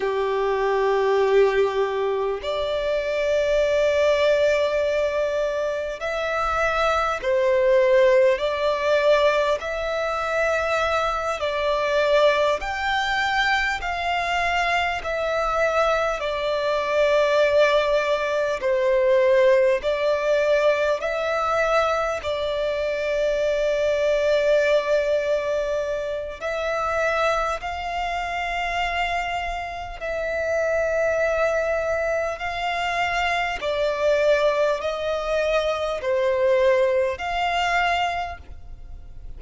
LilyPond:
\new Staff \with { instrumentName = "violin" } { \time 4/4 \tempo 4 = 50 g'2 d''2~ | d''4 e''4 c''4 d''4 | e''4. d''4 g''4 f''8~ | f''8 e''4 d''2 c''8~ |
c''8 d''4 e''4 d''4.~ | d''2 e''4 f''4~ | f''4 e''2 f''4 | d''4 dis''4 c''4 f''4 | }